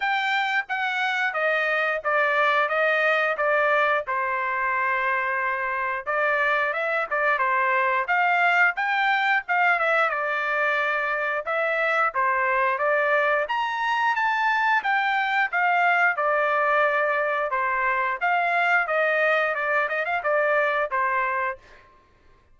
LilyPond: \new Staff \with { instrumentName = "trumpet" } { \time 4/4 \tempo 4 = 89 g''4 fis''4 dis''4 d''4 | dis''4 d''4 c''2~ | c''4 d''4 e''8 d''8 c''4 | f''4 g''4 f''8 e''8 d''4~ |
d''4 e''4 c''4 d''4 | ais''4 a''4 g''4 f''4 | d''2 c''4 f''4 | dis''4 d''8 dis''16 f''16 d''4 c''4 | }